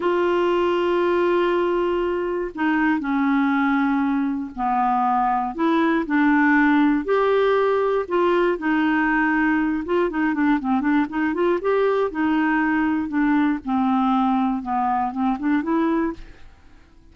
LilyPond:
\new Staff \with { instrumentName = "clarinet" } { \time 4/4 \tempo 4 = 119 f'1~ | f'4 dis'4 cis'2~ | cis'4 b2 e'4 | d'2 g'2 |
f'4 dis'2~ dis'8 f'8 | dis'8 d'8 c'8 d'8 dis'8 f'8 g'4 | dis'2 d'4 c'4~ | c'4 b4 c'8 d'8 e'4 | }